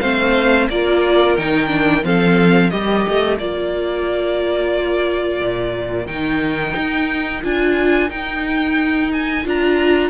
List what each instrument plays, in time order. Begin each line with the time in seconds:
0.00 cello A3, viola C4, violin C5 F5
0.70 cello A#3, viola F4, violin A#4 D5
1.37 cello D#3, viola D#4, violin G5
1.68 viola D4
2.04 cello F3, viola C4, violin A4 F5
2.70 cello G3, viola G4, violin A#4 D#5
3.08 cello A3
3.39 cello A#3, viola F4, violin D5
5.41 cello A#2
6.07 cello D#3, viola D#4, violin G5
6.76 cello D#4
7.43 cello D4, viola F4, violin G#5
8.10 cello D#4, viola D#4, violin G5
9.13 violin G#5
9.45 cello D4, viola F4, violin A#5